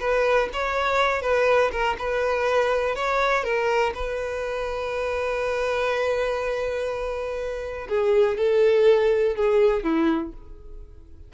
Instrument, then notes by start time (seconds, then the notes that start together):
violin
0.00 B4
0.53 C#5
1.22 B4
1.72 A#4
1.99 B4
2.96 C#5
3.44 A#4
3.95 B4
7.89 G#4
8.37 A4
9.36 G#4
9.84 E4